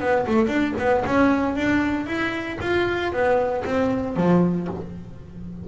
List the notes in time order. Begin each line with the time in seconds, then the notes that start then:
0.00 B3
0.27 A3
0.48 D4
0.79 B3
1.06 C#4
1.56 D4
2.07 E4
2.61 F4
3.12 B3
3.65 C4
4.17 F3